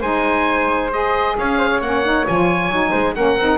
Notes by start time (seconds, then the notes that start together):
0.00 G#3 D#4 C5 G#5
0.92 G#4 D#5
1.38 C#4 C#5 F5
1.58 C5
1.70 C#5
1.81 A#3 C#4 F#5
2.05 D#4
2.27 F3 F4 G#5
2.68 F#3 D#4
2.90 G#3 C5
3.15 A#3 C#4 A#4 F#5
3.37 C4 D#4